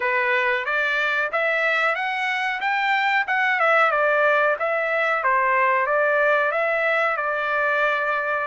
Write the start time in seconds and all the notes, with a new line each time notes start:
0.00 B4
0.65 D5
1.32 E5
1.95 F#5
2.61 G5
3.27 F#5
3.59 E5
3.91 D5
4.59 E5
5.24 C5
5.86 D5
6.51 E5
7.17 D5